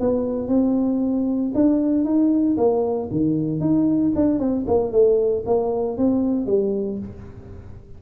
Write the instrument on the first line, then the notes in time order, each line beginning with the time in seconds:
tuba
0.00 B3
0.48 C4
1.55 D4
2.04 D#4
2.57 A#3
3.11 D#3
3.60 D#4
4.15 D4
4.39 C4
4.67 A#3
4.92 A3
5.46 A#3
5.97 C4
6.46 G3